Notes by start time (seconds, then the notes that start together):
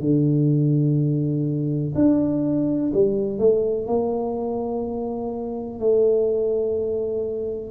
0.00 D3
1.95 D4
2.94 G3
3.39 A3
3.87 A#3
5.80 A3